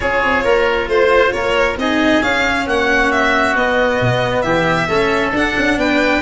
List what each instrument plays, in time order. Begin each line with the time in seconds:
0.00 tuba C#4, cello F4, oboe G#4, violin C#5
0.24 tuba C4
0.44 tuba A#3, oboe A#4
0.87 tuba A3, violin C5, oboe C5
1.32 tuba A#3, oboe A#4, violin C#5
1.76 tuba C4, cello D#4, oboe G#4, violin D#5
2.22 cello C#4, tuba C#4, violin F5
2.66 tuba A#3, oboe F#4, violin F#5
3.11 violin E5
3.55 cello B3, tuba B3, violin D#5
4.00 tuba B2
4.42 tuba E3, oboe G4, violin E5
4.88 tuba A3, cello C#4, oboe A4
5.31 tuba D4, cello D4, violin F#5
5.57 tuba C#4
5.77 tuba B3, oboe B4, violin G5